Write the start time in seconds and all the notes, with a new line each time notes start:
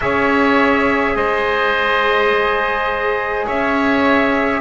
0.00 C#4 G#4 C#5 E5
1.15 G#3 C5 D#5
3.46 C#4 C#5 E5